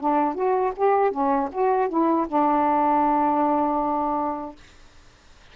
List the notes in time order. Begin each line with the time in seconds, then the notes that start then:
0.00 D4
0.35 F#4
0.76 G4
1.11 C#4
1.52 F#4
1.89 E4
2.28 D4